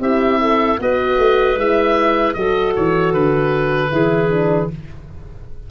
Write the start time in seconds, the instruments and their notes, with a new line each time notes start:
0.00 tuba C4, horn E4, clarinet G4, oboe E5
0.40 clarinet A4
0.79 tuba B3, horn F#4, clarinet B4, oboe D#5
1.18 tuba A3
1.56 tuba G#3, horn E4, oboe E5
2.34 tuba F#3, horn F#4, clarinet A4, oboe D#5
2.75 tuba E3, oboe C#5
3.13 tuba D3, oboe B4
3.91 tuba E3, horn E4, clarinet G#4
4.30 horn D4